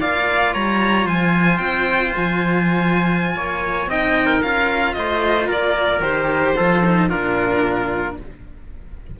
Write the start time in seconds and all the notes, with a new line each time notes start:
0.00 A#3 F4 D5 F5
0.53 G3 C#5 A#5
1.06 F3 C5 G#5
1.58 C4 G5
2.16 F3 G#5
3.36 A#3 C#5
3.86 C4 D#4 D#5 G5
4.26 A#4
4.42 C#4 F4 F5
4.93 A3 C5 D#5
5.48 A#3 A#4 D5
6.00 D#3 G4 C5
6.56 F3 F4 A4
6.85 D#4
7.09 A#2 D4 F4 A#4